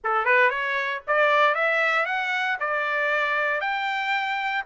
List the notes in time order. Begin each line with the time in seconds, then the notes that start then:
0.04 A4
0.25 B4
0.50 C#5
1.07 D5
1.54 E5
2.05 F#5
2.60 D5
3.60 G5